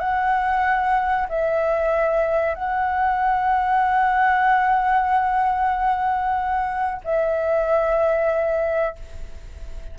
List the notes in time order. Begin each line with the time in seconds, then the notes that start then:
0.00 F#5
1.29 E5
2.55 F#5
7.04 E5